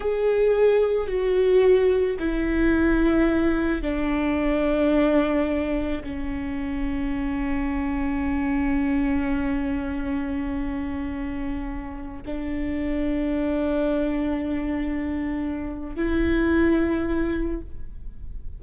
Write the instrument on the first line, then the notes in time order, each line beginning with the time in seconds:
viola
0.00 G#4
1.07 F#4
2.19 E4
3.82 D4
6.03 C#4
12.25 D4
15.95 E4